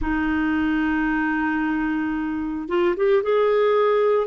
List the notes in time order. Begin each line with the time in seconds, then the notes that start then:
0.01 D#4
2.68 F4
2.96 G4
3.22 G#4